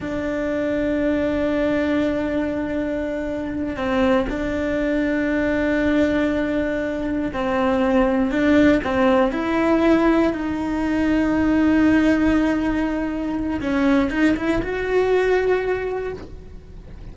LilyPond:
\new Staff \with { instrumentName = "cello" } { \time 4/4 \tempo 4 = 119 d'1~ | d'2.~ d'8 c'8~ | c'8 d'2.~ d'8~ | d'2~ d'8 c'4.~ |
c'8 d'4 c'4 e'4.~ | e'8 dis'2.~ dis'8~ | dis'2. cis'4 | dis'8 e'8 fis'2. | }